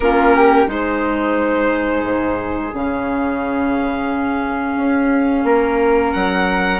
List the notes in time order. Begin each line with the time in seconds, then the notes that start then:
0.00 A#3 C#4 F4 A#4
0.35 G4
0.66 G#3 D#4 G#4 C5
2.03 G#2
2.73 C#3 C#4 F5
4.76 C#4
5.44 A#3 A#4
6.12 F#3 F#5